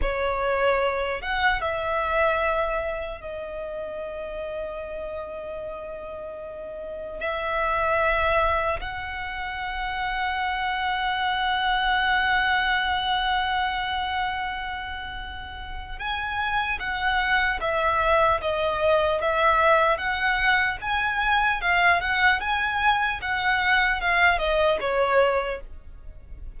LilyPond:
\new Staff \with { instrumentName = "violin" } { \time 4/4 \tempo 4 = 75 cis''4. fis''8 e''2 | dis''1~ | dis''4 e''2 fis''4~ | fis''1~ |
fis''1 | gis''4 fis''4 e''4 dis''4 | e''4 fis''4 gis''4 f''8 fis''8 | gis''4 fis''4 f''8 dis''8 cis''4 | }